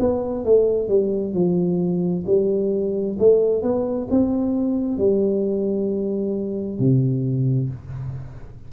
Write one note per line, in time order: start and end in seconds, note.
0.00 0.45 B3
0.45 0.89 A3
0.89 1.34 G3
1.34 2.25 F3
2.26 3.17 G3
3.19 3.63 A3
3.63 4.08 B3
4.11 4.98 C4
4.98 6.79 G3
6.79 7.70 C3